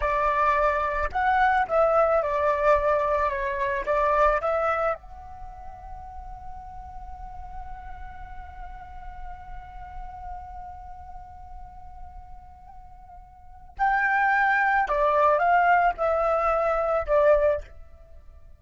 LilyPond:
\new Staff \with { instrumentName = "flute" } { \time 4/4 \tempo 4 = 109 d''2 fis''4 e''4 | d''2 cis''4 d''4 | e''4 fis''2.~ | fis''1~ |
fis''1~ | fis''1~ | fis''4 g''2 d''4 | f''4 e''2 d''4 | }